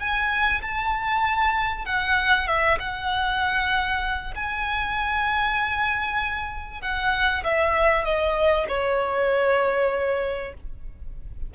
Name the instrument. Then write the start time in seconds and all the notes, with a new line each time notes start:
violin
0.00 G#5
0.62 A5
1.86 F#5
2.48 E5
2.80 F#5
4.35 G#5
6.82 F#5
7.44 E5
8.05 D#5
8.69 C#5